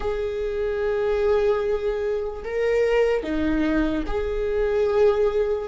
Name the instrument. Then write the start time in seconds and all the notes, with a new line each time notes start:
viola
0.00 G#4
2.44 A#4
3.22 D#4
4.06 G#4